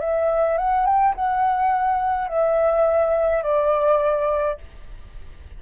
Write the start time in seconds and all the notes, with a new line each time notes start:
0.00 E5
0.58 F#5
0.86 G5
1.15 F#5
2.28 E5
3.43 D5